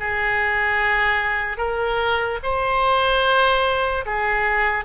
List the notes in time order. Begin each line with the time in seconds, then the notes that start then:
0.00 G#4
1.58 A#4
2.43 C5
4.06 G#4